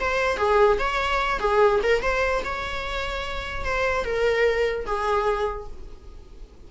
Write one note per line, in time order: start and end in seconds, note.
0.00 0.37 C5
0.37 0.78 G#4
0.78 1.39 C#5
1.39 1.80 G#4
1.83 2.02 A#4
2.02 2.42 C5
2.44 3.64 C#5
3.64 4.04 C5
4.04 4.86 A#4
4.86 5.67 G#4